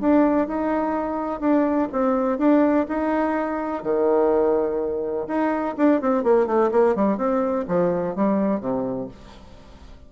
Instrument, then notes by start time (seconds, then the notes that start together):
bassoon
0.00 D4
0.47 D#4
1.40 D4
1.92 C4
2.38 D4
2.88 D#4
3.83 D#3
5.27 D#4
5.77 D4
6.01 C4
6.23 A#3
6.46 A3
6.71 A#3
6.95 G3
7.17 C4
7.68 F3
8.15 G3
8.60 C3